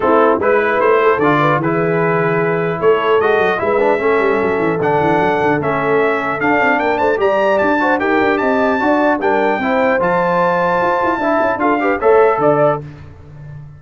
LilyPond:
<<
  \new Staff \with { instrumentName = "trumpet" } { \time 4/4 \tempo 4 = 150 a'4 b'4 c''4 d''4 | b'2. cis''4 | dis''4 e''2. | fis''2 e''2 |
f''4 g''8 a''8 ais''4 a''4 | g''4 a''2 g''4~ | g''4 a''2.~ | a''4 f''4 e''4 d''4 | }
  \new Staff \with { instrumentName = "horn" } { \time 4/4 e'4 b'4. a'4 b'8 | gis'2. a'4~ | a'4 b'4 a'2~ | a'1~ |
a'4 ais'8 c''8 d''4. c''8 | ais'4 dis''4 d''4 ais'4 | c''1 | e''4 a'8 b'8 cis''4 d''4 | }
  \new Staff \with { instrumentName = "trombone" } { \time 4/4 c'4 e'2 f'4 | e'1 | fis'4 e'8 d'8 cis'2 | d'2 cis'2 |
d'2 g'4. fis'8 | g'2 fis'4 d'4 | e'4 f'2. | e'4 f'8 g'8 a'2 | }
  \new Staff \with { instrumentName = "tuba" } { \time 4/4 a4 gis4 a4 d4 | e2. a4 | gis8 fis8 gis4 a8 g8 fis8 e8 | d8 e8 fis8 d8 a2 |
d'8 c'8 ais8 a8 g4 d'4 | dis'8 d'8 c'4 d'4 g4 | c'4 f2 f'8 e'8 | d'8 cis'8 d'4 a4 d4 | }
>>